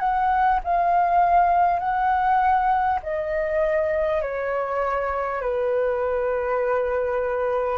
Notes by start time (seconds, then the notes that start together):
0.00 F#5
0.64 F5
1.79 F#5
3.03 D#5
4.22 C#5
5.42 B4